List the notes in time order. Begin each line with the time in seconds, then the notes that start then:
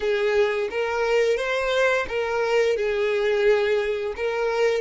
0.00 G#4
0.70 A#4
1.37 C5
2.08 A#4
2.76 G#4
4.16 A#4